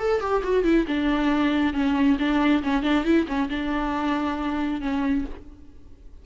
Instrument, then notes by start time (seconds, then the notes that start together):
viola
0.00 A4
0.21 G4
0.44 F#4
0.64 E4
0.88 D4
1.74 C#4
2.19 D4
2.63 C#4
2.83 D4
3.05 E4
3.28 C#4
3.50 D4
4.82 C#4